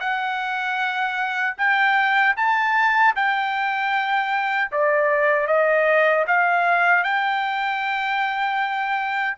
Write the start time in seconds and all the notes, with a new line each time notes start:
0.00 F#5
1.58 G5
2.37 A5
3.16 G5
4.72 D5
5.48 D#5
6.27 F5
7.04 G5